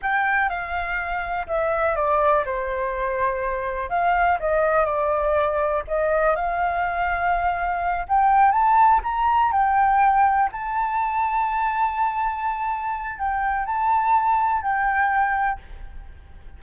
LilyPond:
\new Staff \with { instrumentName = "flute" } { \time 4/4 \tempo 4 = 123 g''4 f''2 e''4 | d''4 c''2. | f''4 dis''4 d''2 | dis''4 f''2.~ |
f''8 g''4 a''4 ais''4 g''8~ | g''4. a''2~ a''8~ | a''2. g''4 | a''2 g''2 | }